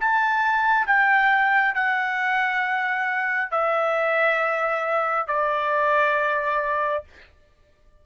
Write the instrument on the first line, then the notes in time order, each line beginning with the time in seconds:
trumpet
0.00 A5
0.86 G5
1.74 F#5
3.51 E5
5.27 D5